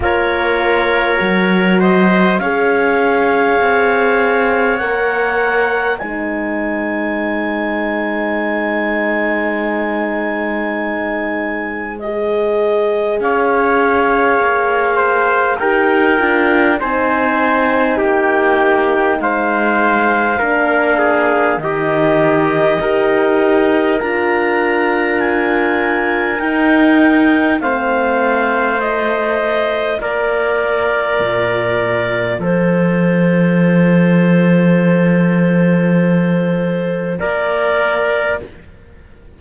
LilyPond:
<<
  \new Staff \with { instrumentName = "clarinet" } { \time 4/4 \tempo 4 = 50 cis''4. dis''8 f''2 | fis''4 gis''2.~ | gis''2 dis''4 f''4~ | f''4 g''4 gis''4 g''4 |
f''2 dis''2 | ais''4 gis''4 g''4 f''4 | dis''4 d''2 c''4~ | c''2. d''4 | }
  \new Staff \with { instrumentName = "trumpet" } { \time 4/4 ais'4. c''8 cis''2~ | cis''4 c''2.~ | c''2. cis''4~ | cis''8 c''8 ais'4 c''4 g'4 |
c''4 ais'8 gis'8 g'4 ais'4~ | ais'2. c''4~ | c''4 ais'2 a'4~ | a'2. ais'4 | }
  \new Staff \with { instrumentName = "horn" } { \time 4/4 f'4 fis'4 gis'2 | ais'4 dis'2.~ | dis'2 gis'2~ | gis'4 g'8 f'8 dis'2~ |
dis'4 d'4 dis'4 g'4 | f'2 dis'4 c'4 | f'1~ | f'1 | }
  \new Staff \with { instrumentName = "cello" } { \time 4/4 ais4 fis4 cis'4 c'4 | ais4 gis2.~ | gis2. cis'4 | ais4 dis'8 d'8 c'4 ais4 |
gis4 ais4 dis4 dis'4 | d'2 dis'4 a4~ | a4 ais4 ais,4 f4~ | f2. ais4 | }
>>